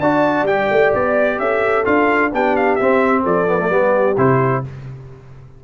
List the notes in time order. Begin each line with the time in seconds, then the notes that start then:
0.00 D4 F#4 D5 A5
0.43 G3 G4 G5
0.71 A3
0.94 B3 D5
1.39 C#4 A4 E5
1.85 D4 F4 F5
2.33 B3 D4 G4 G5
2.56 F5
2.76 C4 E5
3.23 F3 A4 D5
3.47 B3
3.60 A3
3.69 G3 B3 G4
4.17 C3 E4 C5